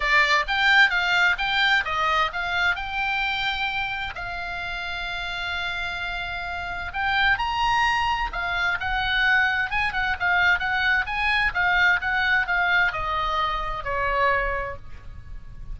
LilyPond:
\new Staff \with { instrumentName = "oboe" } { \time 4/4 \tempo 4 = 130 d''4 g''4 f''4 g''4 | dis''4 f''4 g''2~ | g''4 f''2.~ | f''2. g''4 |
ais''2 f''4 fis''4~ | fis''4 gis''8 fis''8 f''4 fis''4 | gis''4 f''4 fis''4 f''4 | dis''2 cis''2 | }